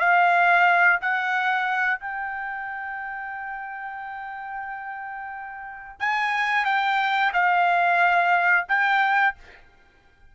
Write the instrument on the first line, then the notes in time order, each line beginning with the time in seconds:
trumpet
0.00 F5
1.02 F#5
2.01 G5
6.00 G#5
6.66 G5
7.34 F5
8.69 G5